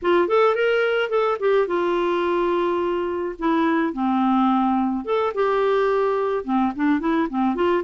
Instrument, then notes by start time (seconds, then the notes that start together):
clarinet
0.02 F4
0.28 A4
0.55 A#4
1.09 A4
1.39 G4
1.67 F4
3.38 E4
3.93 C4
5.04 A4
5.34 G4
6.44 C4
6.75 D4
7.00 E4
7.29 C4
7.55 F4